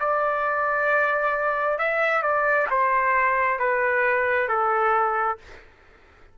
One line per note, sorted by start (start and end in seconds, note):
0.00 1.78 D5
1.78 2.22 E5
2.22 2.67 D5
2.70 3.59 C5
3.59 4.48 B4
4.48 5.38 A4